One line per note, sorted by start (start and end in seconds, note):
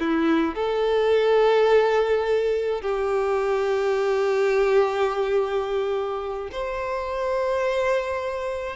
0.00 0.56 E4
0.56 2.82 A4
2.82 6.50 G4
6.52 8.77 C5